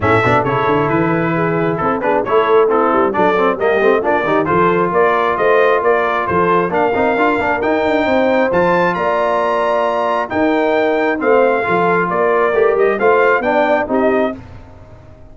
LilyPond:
<<
  \new Staff \with { instrumentName = "trumpet" } { \time 4/4 \tempo 4 = 134 e''4 cis''4 b'2 | a'8 b'8 cis''4 a'4 d''4 | dis''4 d''4 c''4 d''4 | dis''4 d''4 c''4 f''4~ |
f''4 g''2 a''4 | ais''2. g''4~ | g''4 f''2 d''4~ | d''8 dis''8 f''4 g''4 dis''4 | }
  \new Staff \with { instrumentName = "horn" } { \time 4/4 a'2. gis'4 | a'8 gis'8 a'4 e'4 a'4 | g'4 f'8 g'8 a'4 ais'4 | c''4 ais'4 a'4 ais'4~ |
ais'2 c''2 | d''2. ais'4~ | ais'4 c''4 a'4 ais'4~ | ais'4 c''4 d''4 g'4 | }
  \new Staff \with { instrumentName = "trombone" } { \time 4/4 cis'8 d'8 e'2.~ | e'8 d'8 e'4 c'4 d'8 c'8 | ais8 c'8 d'8 dis'8 f'2~ | f'2. d'8 dis'8 |
f'8 d'8 dis'2 f'4~ | f'2. dis'4~ | dis'4 c'4 f'2 | g'4 f'4 d'4 dis'4 | }
  \new Staff \with { instrumentName = "tuba" } { \time 4/4 a,8 b,8 cis8 d8 e2 | c'8 b8 a4. g8 fis4 | g8 a8 ais8 dis8 f4 ais4 | a4 ais4 f4 ais8 c'8 |
d'8 ais8 dis'8 d'8 c'4 f4 | ais2. dis'4~ | dis'4 a4 f4 ais4 | a8 g8 a4 b4 c'4 | }
>>